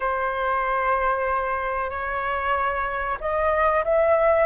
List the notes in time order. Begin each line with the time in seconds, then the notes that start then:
0.00 C5
1.90 C#5
3.20 D#5
3.84 E5